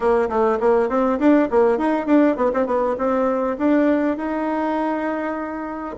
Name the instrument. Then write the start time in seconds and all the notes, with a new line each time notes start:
bassoon
0.00 A#3
0.29 A3
0.60 A#3
0.89 C4
1.19 D4
1.50 A#3
1.78 D#4
2.06 D4
2.36 B3
2.53 C4
2.66 B3
2.97 C4
3.58 D4
4.17 D#4